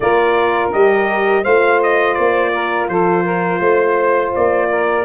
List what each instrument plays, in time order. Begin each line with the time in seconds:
0.00 tuba A#3, horn F4, saxophone A#4, trumpet D5
0.72 tuba G3, horn G4, trumpet D#5
1.43 tuba A3, horn F4, saxophone C5, trumpet F5
1.83 trumpet D#5
2.13 tuba A#3, trumpet D5
2.54 saxophone A#4
2.88 tuba F3, saxophone A4, trumpet C5
3.23 saxophone A#4
3.59 tuba A3, saxophone C5
4.35 tuba A#3, trumpet D5
4.70 saxophone A#4